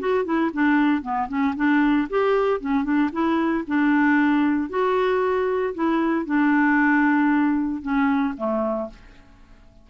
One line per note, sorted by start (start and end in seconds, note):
0.00 0.25 F#4
0.25 0.51 E4
0.54 1.02 D4
1.02 1.29 B3
1.29 1.55 C#4
1.57 2.09 D4
2.10 2.61 G4
2.61 2.84 C#4
2.84 3.10 D4
3.13 3.65 E4
3.68 4.70 D4
4.70 5.74 F#4
5.75 6.26 E4
6.26 7.83 D4
7.83 8.35 C#4
8.38 8.90 A3